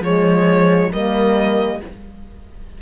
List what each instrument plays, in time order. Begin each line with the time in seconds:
0.00 cello F3, saxophone G#3, horn G#4, violin C#5
0.92 cello G3, saxophone A#3, horn A#4, violin D#5